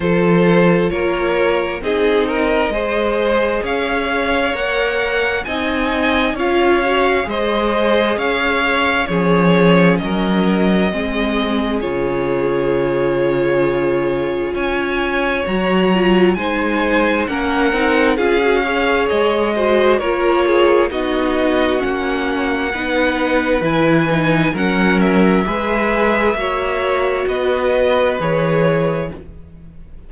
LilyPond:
<<
  \new Staff \with { instrumentName = "violin" } { \time 4/4 \tempo 4 = 66 c''4 cis''4 dis''2 | f''4 fis''4 gis''4 f''4 | dis''4 f''4 cis''4 dis''4~ | dis''4 cis''2. |
gis''4 ais''4 gis''4 fis''4 | f''4 dis''4 cis''4 dis''4 | fis''2 gis''4 fis''8 e''8~ | e''2 dis''4 cis''4 | }
  \new Staff \with { instrumentName = "violin" } { \time 4/4 a'4 ais'4 gis'8 ais'8 c''4 | cis''2 dis''4 cis''4 | c''4 cis''4 gis'4 ais'4 | gis'1 |
cis''2 c''4 ais'4 | gis'8 cis''4 c''8 ais'8 gis'8 fis'4~ | fis'4 b'2 ais'4 | b'4 cis''4 b'2 | }
  \new Staff \with { instrumentName = "viola" } { \time 4/4 f'2 dis'4 gis'4~ | gis'4 ais'4 dis'4 f'8 fis'8 | gis'2 cis'2 | c'4 f'2.~ |
f'4 fis'8 f'8 dis'4 cis'8 dis'8 | f'16 fis'16 gis'4 fis'8 f'4 dis'4 | cis'4 dis'4 e'8 dis'8 cis'4 | gis'4 fis'2 gis'4 | }
  \new Staff \with { instrumentName = "cello" } { \time 4/4 f4 ais4 c'4 gis4 | cis'4 ais4 c'4 cis'4 | gis4 cis'4 f4 fis4 | gis4 cis2. |
cis'4 fis4 gis4 ais8 c'8 | cis'4 gis4 ais4 b4 | ais4 b4 e4 fis4 | gis4 ais4 b4 e4 | }
>>